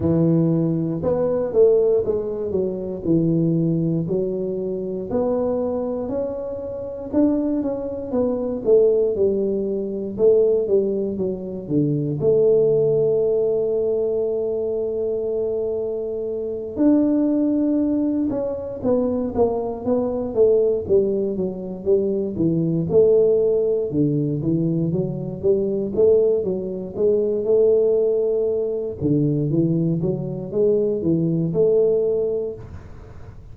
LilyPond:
\new Staff \with { instrumentName = "tuba" } { \time 4/4 \tempo 4 = 59 e4 b8 a8 gis8 fis8 e4 | fis4 b4 cis'4 d'8 cis'8 | b8 a8 g4 a8 g8 fis8 d8 | a1~ |
a8 d'4. cis'8 b8 ais8 b8 | a8 g8 fis8 g8 e8 a4 d8 | e8 fis8 g8 a8 fis8 gis8 a4~ | a8 d8 e8 fis8 gis8 e8 a4 | }